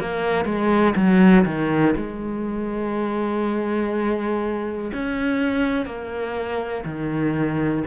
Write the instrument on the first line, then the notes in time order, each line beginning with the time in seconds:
cello
0.00 A#3
0.45 G#3
0.96 F#3
1.45 D#3
1.96 G#3
4.93 C#4
5.86 A#3
6.85 D#3